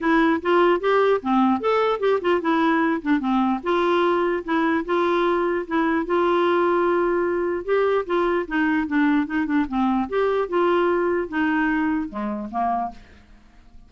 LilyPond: \new Staff \with { instrumentName = "clarinet" } { \time 4/4 \tempo 4 = 149 e'4 f'4 g'4 c'4 | a'4 g'8 f'8 e'4. d'8 | c'4 f'2 e'4 | f'2 e'4 f'4~ |
f'2. g'4 | f'4 dis'4 d'4 dis'8 d'8 | c'4 g'4 f'2 | dis'2 gis4 ais4 | }